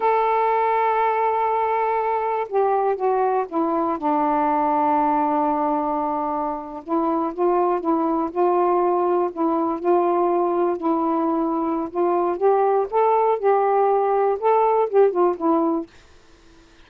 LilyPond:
\new Staff \with { instrumentName = "saxophone" } { \time 4/4 \tempo 4 = 121 a'1~ | a'4 g'4 fis'4 e'4 | d'1~ | d'4.~ d'16 e'4 f'4 e'16~ |
e'8. f'2 e'4 f'16~ | f'4.~ f'16 e'2~ e'16 | f'4 g'4 a'4 g'4~ | g'4 a'4 g'8 f'8 e'4 | }